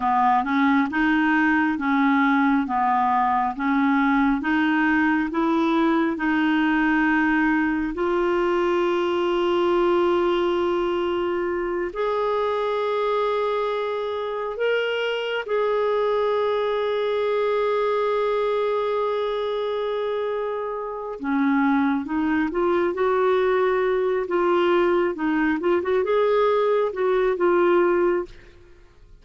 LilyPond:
\new Staff \with { instrumentName = "clarinet" } { \time 4/4 \tempo 4 = 68 b8 cis'8 dis'4 cis'4 b4 | cis'4 dis'4 e'4 dis'4~ | dis'4 f'2.~ | f'4. gis'2~ gis'8~ |
gis'8 ais'4 gis'2~ gis'8~ | gis'1 | cis'4 dis'8 f'8 fis'4. f'8~ | f'8 dis'8 f'16 fis'16 gis'4 fis'8 f'4 | }